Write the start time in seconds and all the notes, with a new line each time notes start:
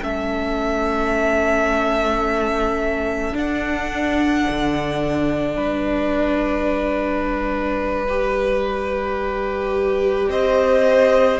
0.00 A3 C#4 A4 E5
3.32 D4 F#5
4.49 D3
5.56 G3 B4 D5
8.08 G4
10.28 C4 C5 D#5